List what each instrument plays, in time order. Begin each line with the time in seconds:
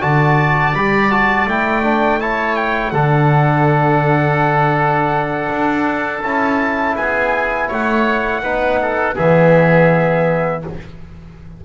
0.00 double bass D3, trombone F#4, oboe D5, trumpet A5
0.74 double bass G3, trombone G4, trumpet B5
1.11 trombone F#4, trumpet A5
1.46 double bass A3, trombone E4, trumpet G5
1.83 trombone D4
2.20 trombone E4, oboe C#5, trumpet A5
2.56 trumpet G5
2.91 double bass D3, trombone D4, oboe A4, trumpet F#5
5.51 double bass D4
6.23 double bass C#4, trombone E4, trumpet A5
6.96 double bass B3, oboe G#4, trumpet G#5
7.68 double bass A3, oboe C#5, trumpet F#5
8.43 double bass B3, trombone D#4, oboe B4
8.81 oboe A4
9.15 double bass E3, trombone B3, oboe G#4, trumpet E5